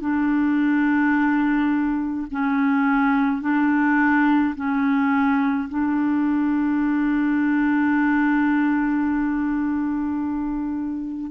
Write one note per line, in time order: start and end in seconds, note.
0.00 2.26 D4
2.31 3.41 C#4
3.41 4.54 D4
4.55 5.68 C#4
5.69 11.31 D4